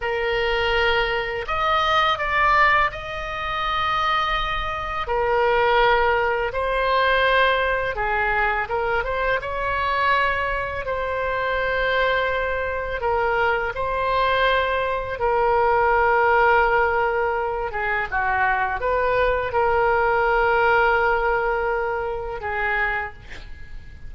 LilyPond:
\new Staff \with { instrumentName = "oboe" } { \time 4/4 \tempo 4 = 83 ais'2 dis''4 d''4 | dis''2. ais'4~ | ais'4 c''2 gis'4 | ais'8 c''8 cis''2 c''4~ |
c''2 ais'4 c''4~ | c''4 ais'2.~ | ais'8 gis'8 fis'4 b'4 ais'4~ | ais'2. gis'4 | }